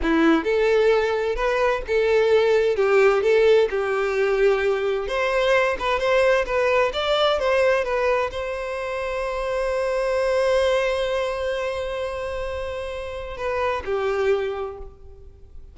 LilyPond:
\new Staff \with { instrumentName = "violin" } { \time 4/4 \tempo 4 = 130 e'4 a'2 b'4 | a'2 g'4 a'4 | g'2. c''4~ | c''8 b'8 c''4 b'4 d''4 |
c''4 b'4 c''2~ | c''1~ | c''1~ | c''4 b'4 g'2 | }